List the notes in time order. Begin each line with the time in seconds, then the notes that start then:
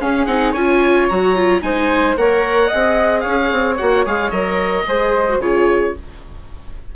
0.00 C#4 G#4 F5
0.26 C4 D#4 F#5
0.51 C#4 F4 C#5 G#5
1.08 F#3 F#4 A#5
1.35 F4
1.61 G#3 D#4 C5 G#5
2.16 A#3 A#4 C#5 F#5
2.67 G#4 D#5
2.74 C4
3.20 C#4 C#5 F5
3.51 C4
3.77 A#3 F#4 F#5
4.05 G#3 G#4 F5
4.30 F#3 A#4 D#5
4.86 G#3 G#4 C5
5.29 F#4
5.38 C#3 F4 G#4 C#5